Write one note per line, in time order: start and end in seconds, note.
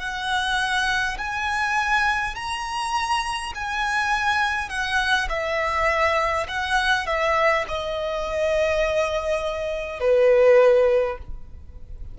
0.00 1.18 F#5
1.19 2.36 G#5
2.36 3.53 A#5
3.56 4.70 G#5
4.70 5.29 F#5
5.29 6.47 E5
6.49 7.07 F#5
7.07 7.66 E5
7.68 10.01 D#5
10.01 11.18 B4